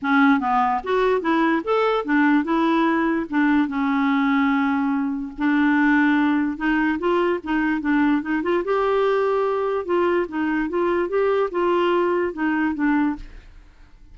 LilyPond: \new Staff \with { instrumentName = "clarinet" } { \time 4/4 \tempo 4 = 146 cis'4 b4 fis'4 e'4 | a'4 d'4 e'2 | d'4 cis'2.~ | cis'4 d'2. |
dis'4 f'4 dis'4 d'4 | dis'8 f'8 g'2. | f'4 dis'4 f'4 g'4 | f'2 dis'4 d'4 | }